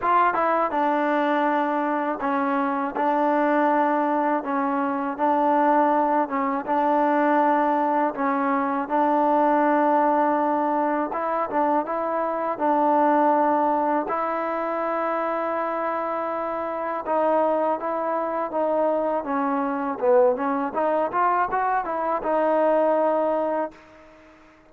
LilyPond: \new Staff \with { instrumentName = "trombone" } { \time 4/4 \tempo 4 = 81 f'8 e'8 d'2 cis'4 | d'2 cis'4 d'4~ | d'8 cis'8 d'2 cis'4 | d'2. e'8 d'8 |
e'4 d'2 e'4~ | e'2. dis'4 | e'4 dis'4 cis'4 b8 cis'8 | dis'8 f'8 fis'8 e'8 dis'2 | }